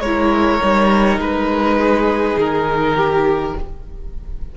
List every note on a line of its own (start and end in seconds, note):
0.00 0.59 G#3
0.00 0.61 E4
0.00 1.78 A#4
0.00 1.18 C#5
0.61 1.18 G3
0.61 3.55 D#4
1.18 2.36 G#3
1.18 2.38 B4
1.79 2.96 G#4
2.36 3.54 D#3
2.36 3.57 A#4
2.96 3.55 G4